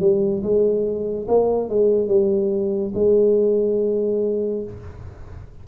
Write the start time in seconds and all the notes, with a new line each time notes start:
0.00 G3
0.43 G#3
1.28 A#3
1.69 G#3
2.08 G3
2.95 G#3